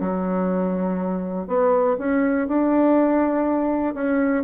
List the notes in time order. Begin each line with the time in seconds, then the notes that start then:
0.00 F#3
1.47 B3
1.98 C#4
2.48 D4
3.94 C#4